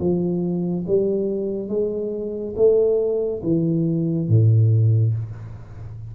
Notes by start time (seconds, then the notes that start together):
0.00 F3
0.88 G3
1.69 G#3
2.56 A3
3.43 E3
4.29 A2